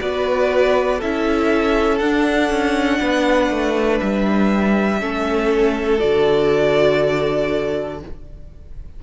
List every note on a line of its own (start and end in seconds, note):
0.00 1.01 B3
0.00 1.00 F#4
0.00 0.98 B4
0.00 1.00 D5
0.98 2.01 C#4
0.98 2.02 E4
0.98 2.98 A4
0.98 1.98 E5
1.98 2.50 D4
1.98 4.99 D4
1.98 3.98 F#5
2.50 3.00 C#4
3.00 3.50 B3
3.00 4.99 B4
3.50 4.00 A3
4.00 5.01 G3
4.00 5.99 E5
4.99 6.01 A3
4.99 5.99 C#4
4.99 7.99 A4
5.99 8.03 D3
5.99 7.99 F#4
5.99 7.99 D5